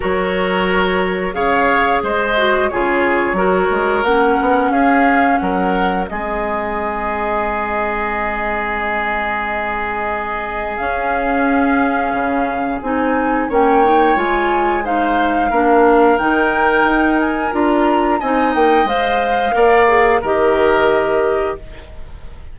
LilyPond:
<<
  \new Staff \with { instrumentName = "flute" } { \time 4/4 \tempo 4 = 89 cis''2 f''4 dis''4 | cis''2 fis''4 f''4 | fis''4 dis''2.~ | dis''1 |
f''2. gis''4 | g''4 gis''4 f''2 | g''4. gis''8 ais''4 gis''8 g''8 | f''2 dis''2 | }
  \new Staff \with { instrumentName = "oboe" } { \time 4/4 ais'2 cis''4 c''4 | gis'4 ais'2 gis'4 | ais'4 gis'2.~ | gis'1~ |
gis'1 | cis''2 c''4 ais'4~ | ais'2. dis''4~ | dis''4 d''4 ais'2 | }
  \new Staff \with { instrumentName = "clarinet" } { \time 4/4 fis'2 gis'4. fis'8 | f'4 fis'4 cis'2~ | cis'4 c'2.~ | c'1 |
cis'2. dis'4 | cis'8 dis'8 f'4 dis'4 d'4 | dis'2 f'4 dis'4 | c''4 ais'8 gis'8 g'2 | }
  \new Staff \with { instrumentName = "bassoon" } { \time 4/4 fis2 cis4 gis4 | cis4 fis8 gis8 ais8 b8 cis'4 | fis4 gis2.~ | gis1 |
cis'2 cis4 c'4 | ais4 gis2 ais4 | dis4 dis'4 d'4 c'8 ais8 | gis4 ais4 dis2 | }
>>